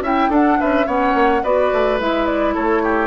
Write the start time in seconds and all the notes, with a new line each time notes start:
0.00 C#4 E4 E5 G5
0.29 D4 A4 F#5
0.60 C#4 B4 E5
0.86 B3 C#4 C#5 F#5
1.14 A#3
1.43 B3 F#4 B4 D5
1.73 A3
2.00 G#3 E4 E5
2.26 D5
2.54 A3 A4 C#5
2.83 G4